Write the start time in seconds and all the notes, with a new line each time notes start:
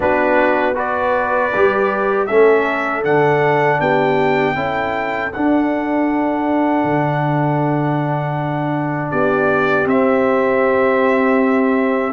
0.00 B3 D4 F#4 B4
0.74 F#4 B4 D5
1.55 G3 G4
2.26 A3 C#4 A4 E5
3.04 D3 D4 F#5
3.79 B3 G4 G5
4.55 C#4 E4 A4
5.32 D4 F#5
6.83 D3
9.10 B3 G4 D5
9.85 C4 E5